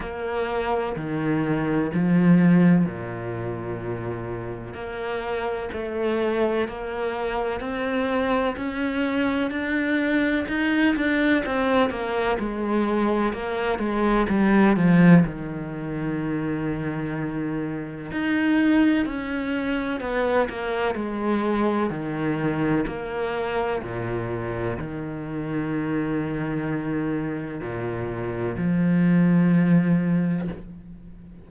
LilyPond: \new Staff \with { instrumentName = "cello" } { \time 4/4 \tempo 4 = 63 ais4 dis4 f4 ais,4~ | ais,4 ais4 a4 ais4 | c'4 cis'4 d'4 dis'8 d'8 | c'8 ais8 gis4 ais8 gis8 g8 f8 |
dis2. dis'4 | cis'4 b8 ais8 gis4 dis4 | ais4 ais,4 dis2~ | dis4 ais,4 f2 | }